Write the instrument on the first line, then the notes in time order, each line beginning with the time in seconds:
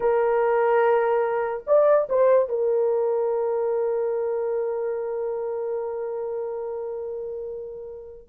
horn
0.00 A#4
1.66 D5
2.09 C5
2.48 A#4